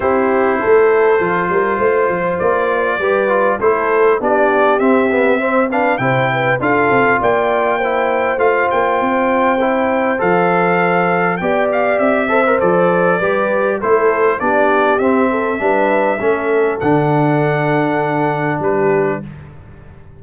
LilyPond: <<
  \new Staff \with { instrumentName = "trumpet" } { \time 4/4 \tempo 4 = 100 c''1 | d''2 c''4 d''4 | e''4. f''8 g''4 f''4 | g''2 f''8 g''4.~ |
g''4 f''2 g''8 f''8 | e''4 d''2 c''4 | d''4 e''2. | fis''2. b'4 | }
  \new Staff \with { instrumentName = "horn" } { \time 4/4 g'4 a'4. ais'8 c''4~ | c''4 b'4 a'4 g'4~ | g'4 c''8 b'8 c''8 b'8 a'4 | d''4 c''2.~ |
c''2. d''4~ | d''8 c''4. b'4 a'4 | g'4. a'8 b'4 a'4~ | a'2. g'4 | }
  \new Staff \with { instrumentName = "trombone" } { \time 4/4 e'2 f'2~ | f'4 g'8 f'8 e'4 d'4 | c'8 b8 c'8 d'8 e'4 f'4~ | f'4 e'4 f'2 |
e'4 a'2 g'4~ | g'8 a'16 ais'16 a'4 g'4 e'4 | d'4 c'4 d'4 cis'4 | d'1 | }
  \new Staff \with { instrumentName = "tuba" } { \time 4/4 c'4 a4 f8 g8 a8 f8 | ais4 g4 a4 b4 | c'2 c4 d'8 c'8 | ais2 a8 ais8 c'4~ |
c'4 f2 b4 | c'4 f4 g4 a4 | b4 c'4 g4 a4 | d2. g4 | }
>>